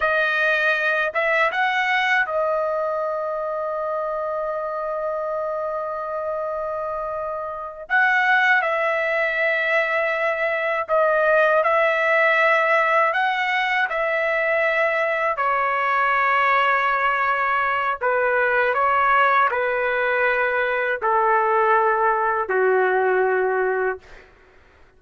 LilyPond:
\new Staff \with { instrumentName = "trumpet" } { \time 4/4 \tempo 4 = 80 dis''4. e''8 fis''4 dis''4~ | dis''1~ | dis''2~ dis''8 fis''4 e''8~ | e''2~ e''8 dis''4 e''8~ |
e''4. fis''4 e''4.~ | e''8 cis''2.~ cis''8 | b'4 cis''4 b'2 | a'2 fis'2 | }